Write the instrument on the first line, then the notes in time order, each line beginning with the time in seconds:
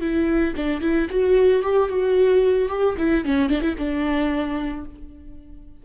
viola
0.00 E4
0.56 D4
0.81 E4
1.10 F#4
1.62 G4
1.89 F#4
2.68 G4
2.98 E4
3.24 C#4
3.49 D4
3.61 E4
3.78 D4